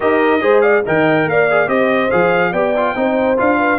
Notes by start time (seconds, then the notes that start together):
0.00 D#4 G4 A#4 D#5
0.41 G#3 G#4 C5
0.61 D5 F5
0.85 D#3 A#4 D#5 G5
1.25 A#3 D5 F5
1.50 G#4
1.67 C4 G4 C5 D#5
2.10 F3 G#4 F5
2.51 B3 G4 D5 G5
2.76 F4
2.95 C4 D#4 C5
3.37 D4 F4 F5
3.58 B4